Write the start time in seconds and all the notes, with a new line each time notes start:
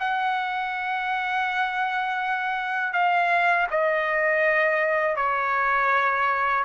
0.00 F#5
2.93 F5
3.71 D#5
5.16 C#5